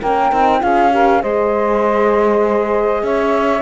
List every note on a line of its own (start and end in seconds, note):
0.00 0.32 A#3
0.00 0.32 C#4
0.00 0.61 A#4
0.00 0.62 G5
0.32 0.62 C4
0.32 0.60 D#4
0.60 1.23 C#4
0.60 0.90 F4
0.60 0.92 G#4
0.60 1.22 F5
0.91 1.20 G4
0.91 1.22 A#4
1.20 3.03 G#3
1.20 3.62 G#4
1.20 3.04 C5
1.20 3.04 D#5
3.03 3.62 C#4
3.03 3.62 C#5
3.03 3.62 E5